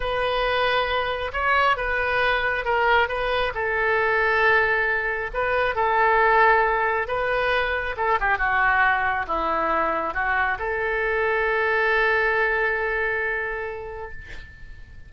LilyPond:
\new Staff \with { instrumentName = "oboe" } { \time 4/4 \tempo 4 = 136 b'2. cis''4 | b'2 ais'4 b'4 | a'1 | b'4 a'2. |
b'2 a'8 g'8 fis'4~ | fis'4 e'2 fis'4 | a'1~ | a'1 | }